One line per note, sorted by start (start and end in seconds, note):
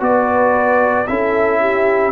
0.00 1.06 B3
0.00 1.05 F#4
0.00 1.09 B4
0.00 1.07 D5
1.07 2.12 C#4
1.07 2.12 E4
1.07 1.60 A4
1.07 2.12 E5
1.60 2.12 G4